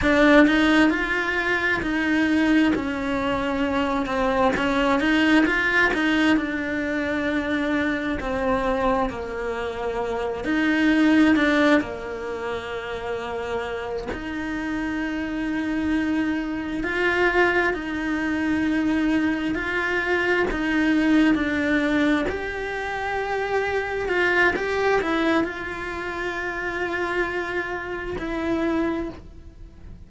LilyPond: \new Staff \with { instrumentName = "cello" } { \time 4/4 \tempo 4 = 66 d'8 dis'8 f'4 dis'4 cis'4~ | cis'8 c'8 cis'8 dis'8 f'8 dis'8 d'4~ | d'4 c'4 ais4. dis'8~ | dis'8 d'8 ais2~ ais8 dis'8~ |
dis'2~ dis'8 f'4 dis'8~ | dis'4. f'4 dis'4 d'8~ | d'8 g'2 f'8 g'8 e'8 | f'2. e'4 | }